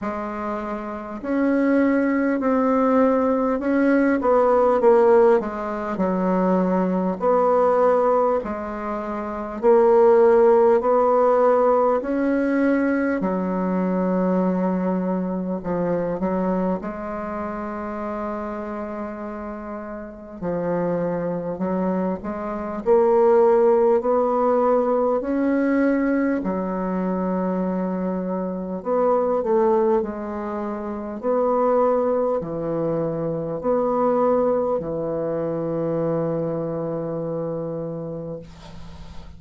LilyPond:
\new Staff \with { instrumentName = "bassoon" } { \time 4/4 \tempo 4 = 50 gis4 cis'4 c'4 cis'8 b8 | ais8 gis8 fis4 b4 gis4 | ais4 b4 cis'4 fis4~ | fis4 f8 fis8 gis2~ |
gis4 f4 fis8 gis8 ais4 | b4 cis'4 fis2 | b8 a8 gis4 b4 e4 | b4 e2. | }